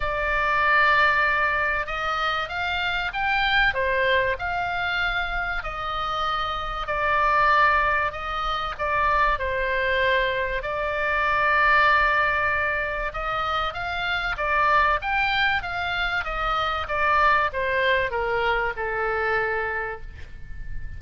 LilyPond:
\new Staff \with { instrumentName = "oboe" } { \time 4/4 \tempo 4 = 96 d''2. dis''4 | f''4 g''4 c''4 f''4~ | f''4 dis''2 d''4~ | d''4 dis''4 d''4 c''4~ |
c''4 d''2.~ | d''4 dis''4 f''4 d''4 | g''4 f''4 dis''4 d''4 | c''4 ais'4 a'2 | }